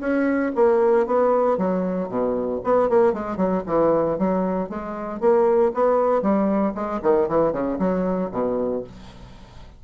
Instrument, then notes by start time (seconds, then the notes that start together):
bassoon
0.00 C#4
0.55 A#3
1.06 B3
1.58 F#3
2.09 B2
2.64 B3
2.89 A#3
3.13 G#3
3.37 F#3
3.67 E3
4.18 F#3
4.69 G#3
5.20 A#3
5.74 B3
6.22 G3
6.75 G#3
7.03 D#3
7.28 E3
7.52 C#3
7.79 F#3
8.32 B2